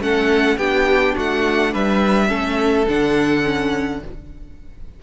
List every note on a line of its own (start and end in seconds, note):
0.00 0.57 A3
0.00 0.58 C#4
0.00 0.57 A4
0.00 0.58 F#5
0.57 1.15 B3
0.57 2.28 D4
0.57 1.14 G4
0.57 1.15 G5
1.14 1.74 A3
1.14 1.72 F#4
1.14 1.73 F#5
1.72 2.29 G3
1.72 2.28 B4
1.72 2.88 E5
2.28 2.86 A3
2.28 2.85 C#4
2.28 4.00 A4
2.88 4.02 D3
2.88 3.43 D4
2.88 4.03 F#5
3.43 4.00 C#4